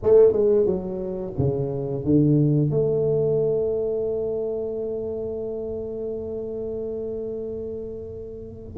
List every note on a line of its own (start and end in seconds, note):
0.02 0.32 A3
0.32 0.66 G#3
0.66 1.33 F#3
1.38 2.04 C#3
2.04 2.70 D3
2.70 8.76 A3